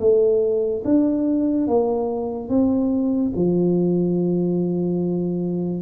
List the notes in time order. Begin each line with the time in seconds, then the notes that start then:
0.00 A3
0.84 D4
1.67 A#3
2.49 C4
3.35 F3